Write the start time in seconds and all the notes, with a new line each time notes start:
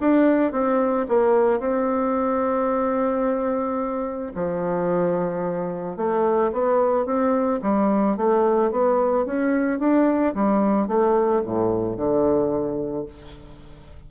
0.00 D4
0.52 C4
1.08 A#3
1.59 C4
4.34 F3
5.97 A3
6.52 B3
7.05 C4
7.62 G3
8.17 A3
8.71 B3
9.25 C#4
9.79 D4
10.34 G3
10.87 A3
11.45 A2
11.96 D3